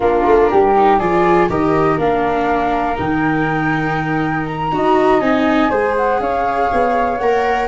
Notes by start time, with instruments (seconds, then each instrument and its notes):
0.00 tuba A#3, viola D4, flute F4 A#4
0.25 tuba A3
0.51 tuba G3, flute G4
0.75 viola D#4
0.98 tuba F3, viola F4, flute G#4 D5
1.49 tuba D#3, viola G4, flute A#4 D#5
1.98 tuba A#3, viola D4, flute F5
2.95 tuba D#3, viola D#4, flute G5
4.46 flute A#5
4.72 tuba D#4, viola F#4, flute D#5
5.20 tuba C4, viola D#4, flute G#5
5.70 tuba G#3, viola G#4, flute C5
5.97 flute F#5
6.19 tuba C#4, flute C#5 F5
6.72 tuba B3
7.17 tuba A#3, viola A#4, flute F#5